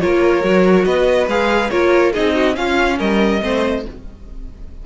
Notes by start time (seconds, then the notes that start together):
0.00 A#3 F4 A#4 C#5
0.42 F#3 F#4
0.85 B3 B4 D#5
1.27 G#3 G#4 F5
1.70 A#3 F4 A#4 C#5
2.12 C4 D#4 G#4 D#5
2.34 F#4
2.54 C#4 F4 F5
2.98 G3 A#4 D#5
3.41 A3 C4 C5